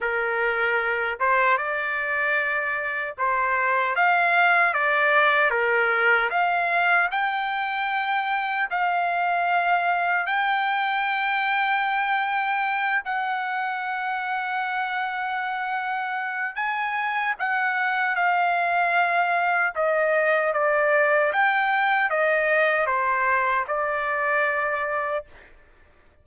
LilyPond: \new Staff \with { instrumentName = "trumpet" } { \time 4/4 \tempo 4 = 76 ais'4. c''8 d''2 | c''4 f''4 d''4 ais'4 | f''4 g''2 f''4~ | f''4 g''2.~ |
g''8 fis''2.~ fis''8~ | fis''4 gis''4 fis''4 f''4~ | f''4 dis''4 d''4 g''4 | dis''4 c''4 d''2 | }